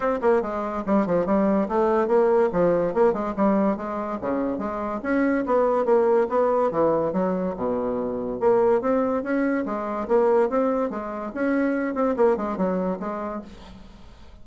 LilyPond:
\new Staff \with { instrumentName = "bassoon" } { \time 4/4 \tempo 4 = 143 c'8 ais8 gis4 g8 f8 g4 | a4 ais4 f4 ais8 gis8 | g4 gis4 cis4 gis4 | cis'4 b4 ais4 b4 |
e4 fis4 b,2 | ais4 c'4 cis'4 gis4 | ais4 c'4 gis4 cis'4~ | cis'8 c'8 ais8 gis8 fis4 gis4 | }